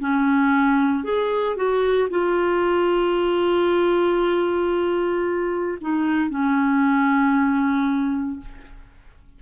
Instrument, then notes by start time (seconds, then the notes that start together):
clarinet
0.00 C#4
1.04 G#4
1.56 F#4
2.10 F4
5.81 D#4
6.30 C#4